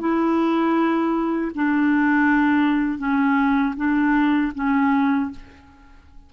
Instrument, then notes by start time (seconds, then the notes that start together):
clarinet
0.00 E4
1.55 D4
2.99 C#4
3.77 D4
4.55 C#4